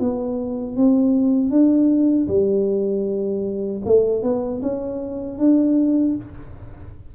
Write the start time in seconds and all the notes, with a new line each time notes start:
0.00 B3
0.77 C4
1.51 D4
2.28 G3
3.86 A3
4.23 B3
4.63 C#4
5.39 D4